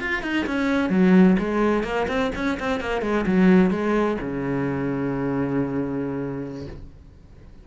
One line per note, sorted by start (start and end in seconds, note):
0.00 0.22 F4
0.22 0.46 D#4
0.46 0.90 C#4
0.90 1.37 F#3
1.38 1.83 G#3
1.83 2.07 A#3
2.08 2.31 C4
2.35 2.58 C#4
2.60 2.80 C4
2.80 3.01 A#3
3.01 3.25 G#3
3.26 3.71 F#3
3.71 4.18 G#3
4.21 6.67 C#3